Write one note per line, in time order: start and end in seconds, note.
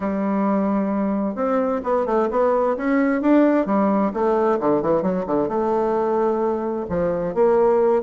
0.00 1.35 G3
1.35 1.81 C4
1.83 2.05 B3
2.05 2.28 A3
2.30 2.76 B3
2.76 3.21 C#4
3.21 3.66 D4
3.66 4.11 G3
4.13 4.59 A3
4.59 4.82 D3
4.82 5.02 E3
5.02 5.25 F#3
5.26 5.48 D3
5.48 6.86 A3
6.89 7.34 F3
7.34 8.02 A#3